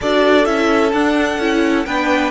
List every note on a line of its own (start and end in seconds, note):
0.01 0.46 D4
0.01 0.45 F#4
0.01 1.86 A4
0.01 0.45 D5
0.45 0.92 C#4
0.45 0.92 E4
0.45 0.91 E5
0.92 1.38 D4
0.92 1.39 D4
0.92 1.85 F#5
1.38 1.85 C#4
1.38 1.86 E4
1.85 2.30 B3
1.85 2.30 D4
1.85 2.30 B4
1.85 2.30 G5